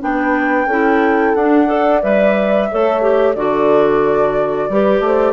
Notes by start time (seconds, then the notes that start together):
0.00 B3 D4 B4 G5
0.66 C#4 E4 A4
1.34 D4 F#5
1.67 A4 D5
2.02 G3 B4 E5
2.71 A3 A4 C#5
3.01 G4
3.35 D3 F#4 A4 D5
4.69 G3 G4 B4
5.00 A3 C5